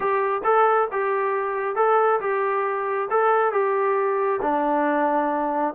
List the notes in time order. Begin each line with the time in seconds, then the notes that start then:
0.00 G4
0.44 A4
0.91 G4
1.75 A4
2.20 G4
3.10 A4
3.52 G4
4.42 D4